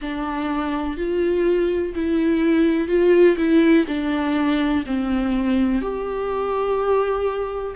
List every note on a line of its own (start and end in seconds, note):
0.01 0.97 D4
0.97 1.94 F4
1.94 2.88 E4
2.88 3.36 F4
3.37 3.85 E4
3.87 4.84 D4
4.86 5.81 C4
5.81 7.75 G4